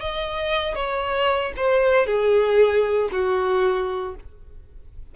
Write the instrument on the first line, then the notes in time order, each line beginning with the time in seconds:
violin
0.00 D#5
0.75 C#5
1.56 C5
2.06 G#4
3.11 F#4